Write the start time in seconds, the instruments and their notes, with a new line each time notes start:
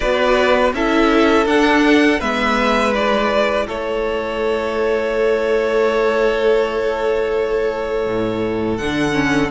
0.00 cello B3, viola F#4, violin B4 D5
0.73 cello C#4, viola E4, violin A4 E5
1.45 cello D4, viola D4, violin F#5
2.19 cello G#3, viola B3, violin B4 E5
2.93 viola E4, violin D5
3.66 cello A3, violin A4 C#5
8.06 cello A2
8.77 cello D3, viola D4, violin F#5
9.12 viola C#4